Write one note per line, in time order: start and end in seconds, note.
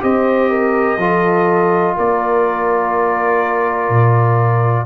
0.00 0.97 C4
0.00 0.97 G4
0.00 0.50 C5
0.00 1.97 D#5
0.50 0.98 A#4
0.97 1.94 F3
0.97 4.86 F4
0.97 1.96 A4
1.96 3.89 A#3
1.96 4.86 A#4
1.96 4.86 D5
3.89 4.86 A#2